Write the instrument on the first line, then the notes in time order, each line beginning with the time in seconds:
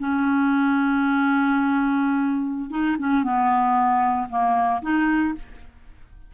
clarinet
0.00 C#4
2.71 D#4
2.99 C#4
3.24 B3
4.29 A#3
4.82 D#4